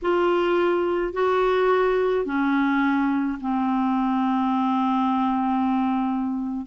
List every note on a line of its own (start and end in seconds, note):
0.02 1.13 F4
1.13 2.25 F#4
2.25 3.38 C#4
3.40 6.66 C4